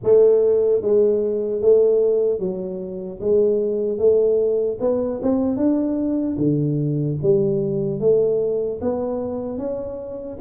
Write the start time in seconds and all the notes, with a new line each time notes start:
0.03 A3
0.81 G#3
1.61 A3
2.39 F#3
3.20 G#3
3.98 A3
4.80 B3
5.22 C4
5.56 D4
6.37 D3
7.22 G3
8.00 A3
8.81 B3
9.58 C#4